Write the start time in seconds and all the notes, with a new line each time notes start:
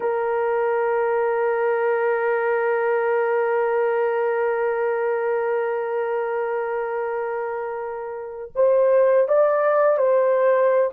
0.00 A#4
8.55 C5
9.28 D5
9.97 C5